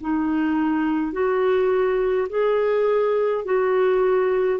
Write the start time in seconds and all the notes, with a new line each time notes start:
0.00 D#4
1.12 F#4
2.29 G#4
3.45 F#4